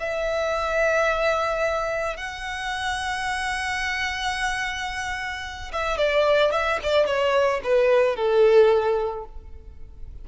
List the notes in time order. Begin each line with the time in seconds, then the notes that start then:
0.00 E5
2.17 F#5
5.73 E5
5.98 D5
6.52 E5
6.84 D5
7.07 C#5
7.64 B4
8.16 A4